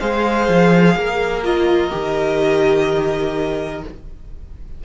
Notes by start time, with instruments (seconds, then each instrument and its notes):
0.00 cello G#3, viola G#4, violin C5 F5
0.48 cello F3
0.96 cello A#3, violin A#4
1.43 viola F4, violin D#5
1.90 cello D#3, viola G4